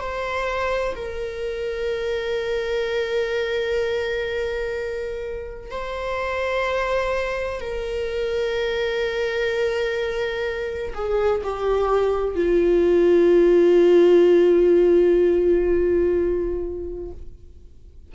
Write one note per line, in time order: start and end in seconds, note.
0.00 0.95 C5
0.96 5.71 A#4
5.71 7.61 C5
7.61 10.94 A#4
10.95 11.42 G#4
11.43 12.35 G4
12.35 17.12 F4